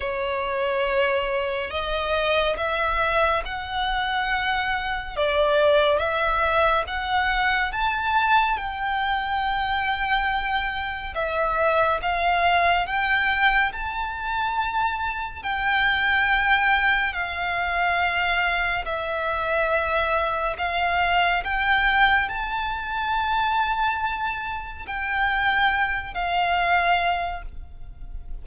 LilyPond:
\new Staff \with { instrumentName = "violin" } { \time 4/4 \tempo 4 = 70 cis''2 dis''4 e''4 | fis''2 d''4 e''4 | fis''4 a''4 g''2~ | g''4 e''4 f''4 g''4 |
a''2 g''2 | f''2 e''2 | f''4 g''4 a''2~ | a''4 g''4. f''4. | }